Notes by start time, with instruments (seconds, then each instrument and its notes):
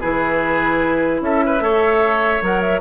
0.00 bassoon E3, clarinet E4, oboe G#4, flute B4
1.21 bassoon C#4, oboe A4, flute E5
1.46 oboe B4
1.60 bassoon A3, clarinet A4, oboe C#5
2.42 bassoon F#3, clarinet A#4, flute F#5
2.60 flute E5